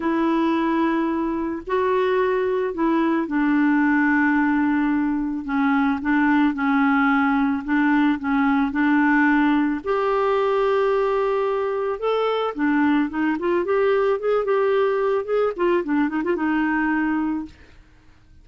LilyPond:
\new Staff \with { instrumentName = "clarinet" } { \time 4/4 \tempo 4 = 110 e'2. fis'4~ | fis'4 e'4 d'2~ | d'2 cis'4 d'4 | cis'2 d'4 cis'4 |
d'2 g'2~ | g'2 a'4 d'4 | dis'8 f'8 g'4 gis'8 g'4. | gis'8 f'8 d'8 dis'16 f'16 dis'2 | }